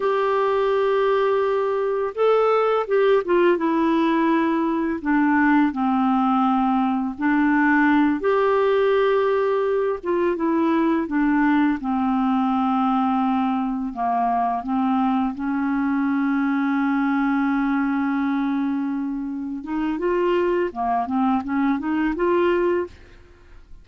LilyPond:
\new Staff \with { instrumentName = "clarinet" } { \time 4/4 \tempo 4 = 84 g'2. a'4 | g'8 f'8 e'2 d'4 | c'2 d'4. g'8~ | g'2 f'8 e'4 d'8~ |
d'8 c'2. ais8~ | ais8 c'4 cis'2~ cis'8~ | cis'2.~ cis'8 dis'8 | f'4 ais8 c'8 cis'8 dis'8 f'4 | }